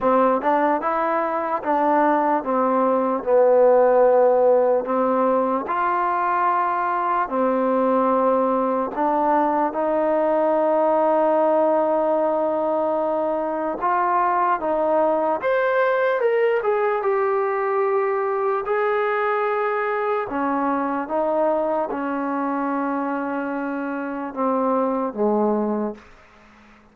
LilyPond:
\new Staff \with { instrumentName = "trombone" } { \time 4/4 \tempo 4 = 74 c'8 d'8 e'4 d'4 c'4 | b2 c'4 f'4~ | f'4 c'2 d'4 | dis'1~ |
dis'4 f'4 dis'4 c''4 | ais'8 gis'8 g'2 gis'4~ | gis'4 cis'4 dis'4 cis'4~ | cis'2 c'4 gis4 | }